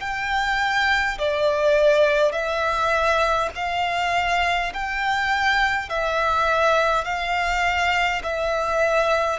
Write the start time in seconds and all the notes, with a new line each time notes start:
0.00 G5
1.18 D5
2.32 E5
3.55 F5
4.73 G5
5.89 E5
7.04 F5
8.23 E5